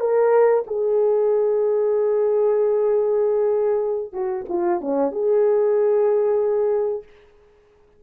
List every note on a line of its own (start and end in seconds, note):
0.00 0.64 A#4
0.66 4.13 G#4
4.13 4.44 F#4
4.49 4.80 F4
4.80 5.12 C#4
5.12 7.03 G#4